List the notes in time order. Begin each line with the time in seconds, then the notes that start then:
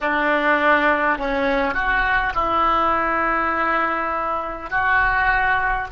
0.01 D4
1.18 C#4
1.74 F#4
2.35 E4
4.70 F#4